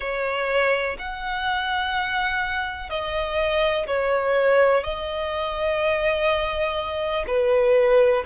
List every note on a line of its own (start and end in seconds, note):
0.00 0.96 C#5
0.99 2.89 F#5
2.89 3.86 D#5
3.86 4.83 C#5
4.83 7.25 D#5
7.27 8.23 B4